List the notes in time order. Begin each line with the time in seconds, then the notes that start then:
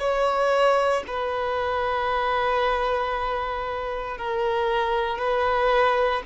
0.00 C#5
1.08 B4
4.18 A#4
5.19 B4